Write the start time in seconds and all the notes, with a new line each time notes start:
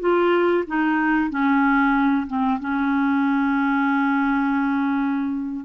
0.00 F4
0.67 D#4
1.30 C#4
2.28 C4
2.60 C#4